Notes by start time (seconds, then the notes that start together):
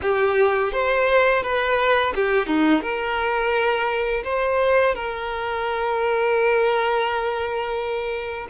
0.02 G4
0.72 C5
1.42 B4
2.15 G4
2.46 D#4
2.82 A#4
4.24 C5
4.94 A#4